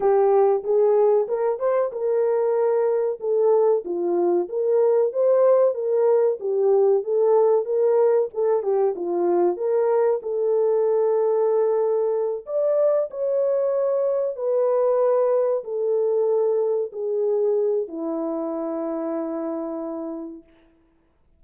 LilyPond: \new Staff \with { instrumentName = "horn" } { \time 4/4 \tempo 4 = 94 g'4 gis'4 ais'8 c''8 ais'4~ | ais'4 a'4 f'4 ais'4 | c''4 ais'4 g'4 a'4 | ais'4 a'8 g'8 f'4 ais'4 |
a'2.~ a'8 d''8~ | d''8 cis''2 b'4.~ | b'8 a'2 gis'4. | e'1 | }